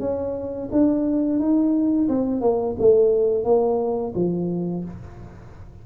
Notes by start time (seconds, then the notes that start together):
0.00 C#4
0.72 D4
1.39 D#4
2.09 C4
2.41 A#3
2.79 A3
3.45 A#3
4.15 F3